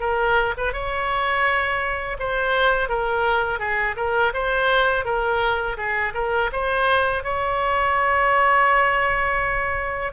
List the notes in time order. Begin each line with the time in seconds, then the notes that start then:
0.00 A#4
0.57 B4
0.73 C#5
2.19 C5
2.88 A#4
3.59 G#4
3.96 A#4
4.33 C5
5.05 A#4
5.77 G#4
6.14 A#4
6.53 C5
7.24 C#5